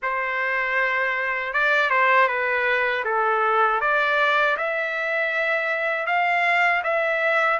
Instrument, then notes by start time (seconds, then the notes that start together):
trumpet
0.02 C5
1.53 D5
1.90 C5
2.28 B4
3.04 A4
3.80 D5
4.57 E5
6.06 F5
6.83 E5